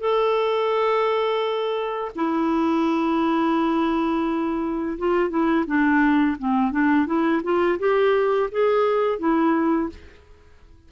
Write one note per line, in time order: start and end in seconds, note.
0.00 2.12 A4
2.16 4.98 E4
4.99 5.30 F4
5.30 5.65 E4
5.67 6.38 D4
6.39 6.72 C4
6.72 7.07 D4
7.07 7.42 E4
7.44 7.79 F4
7.79 8.50 G4
8.52 9.19 G#4
9.19 9.90 E4